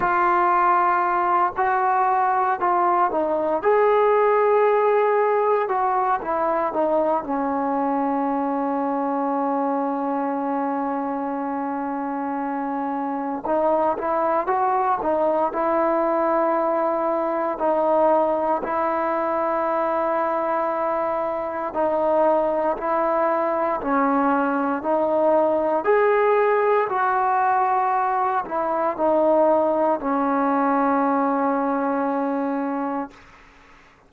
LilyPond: \new Staff \with { instrumentName = "trombone" } { \time 4/4 \tempo 4 = 58 f'4. fis'4 f'8 dis'8 gis'8~ | gis'4. fis'8 e'8 dis'8 cis'4~ | cis'1~ | cis'4 dis'8 e'8 fis'8 dis'8 e'4~ |
e'4 dis'4 e'2~ | e'4 dis'4 e'4 cis'4 | dis'4 gis'4 fis'4. e'8 | dis'4 cis'2. | }